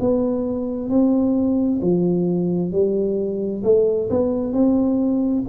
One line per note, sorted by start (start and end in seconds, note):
0.00 0.89 B3
0.89 1.80 C4
1.82 2.72 F3
2.72 3.63 G3
3.64 4.09 A3
4.10 4.53 B3
4.53 5.44 C4